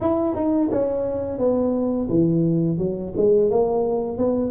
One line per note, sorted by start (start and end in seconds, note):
0.01 0.35 E4
0.35 0.70 D#4
0.71 1.38 C#4
1.38 2.08 B3
2.09 2.78 E3
2.78 3.13 F#3
3.16 3.50 G#3
3.50 4.17 A#3
4.17 4.50 B3